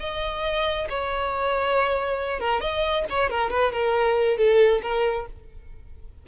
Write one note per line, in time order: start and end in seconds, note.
0.00 0.88 D#5
0.90 2.40 C#5
2.40 2.61 A#4
2.61 3.05 D#5
3.10 3.30 C#5
3.30 3.50 A#4
3.50 3.72 B4
3.72 4.38 A#4
4.38 4.82 A4
4.82 5.26 A#4